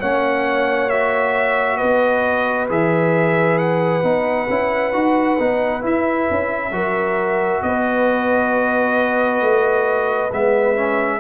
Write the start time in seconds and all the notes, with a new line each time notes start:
0.00 A#3 C#4 C#5 F#5
0.90 F#4 E5
1.77 B3 B4 D#5
2.69 E3 G#4 E5
3.58 F#5
4.03 B3 D#4
4.49 C#4 E4
4.93 D#4 F#4
5.39 B3 D#4
5.82 E4 E5
6.30 C#4
6.71 F#3 F#4 A#4
7.63 B3 B4 D#5
9.41 A3
10.33 G#3 B3 E5
10.76 C#4